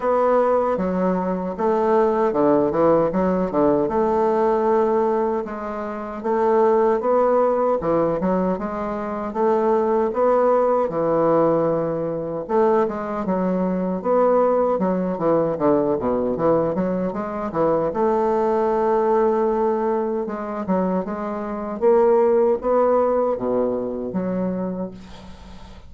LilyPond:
\new Staff \with { instrumentName = "bassoon" } { \time 4/4 \tempo 4 = 77 b4 fis4 a4 d8 e8 | fis8 d8 a2 gis4 | a4 b4 e8 fis8 gis4 | a4 b4 e2 |
a8 gis8 fis4 b4 fis8 e8 | d8 b,8 e8 fis8 gis8 e8 a4~ | a2 gis8 fis8 gis4 | ais4 b4 b,4 fis4 | }